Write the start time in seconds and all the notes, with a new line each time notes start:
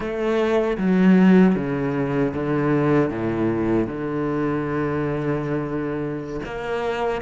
0.00 A3
0.77 F#3
1.55 C#3
2.34 D3
3.10 A2
3.87 D3
6.45 A#3